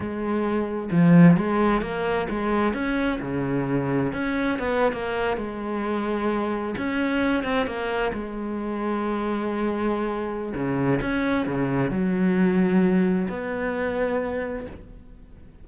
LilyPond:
\new Staff \with { instrumentName = "cello" } { \time 4/4 \tempo 4 = 131 gis2 f4 gis4 | ais4 gis4 cis'4 cis4~ | cis4 cis'4 b8. ais4 gis16~ | gis2~ gis8. cis'4~ cis'16~ |
cis'16 c'8 ais4 gis2~ gis16~ | gis2. cis4 | cis'4 cis4 fis2~ | fis4 b2. | }